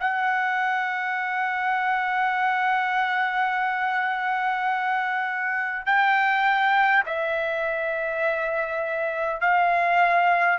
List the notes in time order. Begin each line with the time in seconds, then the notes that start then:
0.00 F#5
5.86 G5
7.06 E5
9.41 F5